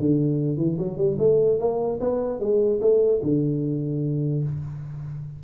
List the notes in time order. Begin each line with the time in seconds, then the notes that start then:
0.00 D3
0.58 E3
0.79 F#3
0.98 G3
1.19 A3
1.60 A#3
2.01 B3
2.40 G#3
2.81 A3
3.23 D3